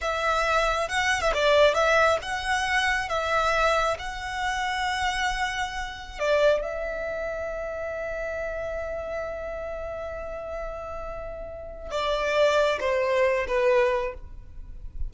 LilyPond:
\new Staff \with { instrumentName = "violin" } { \time 4/4 \tempo 4 = 136 e''2 fis''8. e''16 d''4 | e''4 fis''2 e''4~ | e''4 fis''2.~ | fis''2 d''4 e''4~ |
e''1~ | e''1~ | e''2. d''4~ | d''4 c''4. b'4. | }